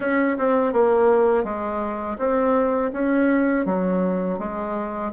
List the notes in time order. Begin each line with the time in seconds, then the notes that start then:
0.00 C#4
0.38 C4
0.73 A#3
1.44 G#3
2.18 C4
2.92 C#4
3.65 F#3
4.38 G#3